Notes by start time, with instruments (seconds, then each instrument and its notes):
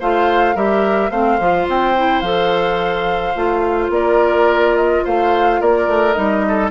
0.00 bassoon A3, clarinet F4, oboe C5, flute F5
0.55 bassoon G3, clarinet G4, oboe A#4, flute E5
1.10 bassoon A3, clarinet C4, oboe C5, flute F5
1.39 bassoon F3, clarinet F4
1.68 bassoon C4, flute G5
1.96 clarinet E4
2.21 bassoon F3, clarinet A4, flute F5
3.35 bassoon A3, clarinet F4
3.89 bassoon A#3, oboe A#4, flute D5
4.76 flute D#5
5.04 bassoon A3, oboe C5, flute F5
5.60 bassoon A#3, oboe A#4, flute D5
5.87 bassoon A3
6.12 bassoon G3, clarinet D#4, flute D#5
6.48 oboe A4